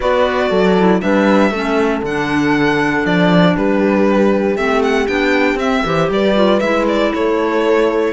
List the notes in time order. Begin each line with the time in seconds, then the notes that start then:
0.00 B3 F#4 B4 D5
0.49 F#3 A4
0.77 E4
1.00 G3 D4 B4 E5
1.50 A3 C#4 A4
2.02 D3 D4 F#5
3.05 F3 D5
3.56 G3 G4 B4
4.56 A3 C4 E5
4.82 F#5
5.07 B3 D4 G5
5.55 C4 E5
5.85 E3 G4 C5
6.09 G3 B4 D5
6.35 F4
6.59 G#3 E4 E5
6.88 D5
7.12 A3 A4 C#5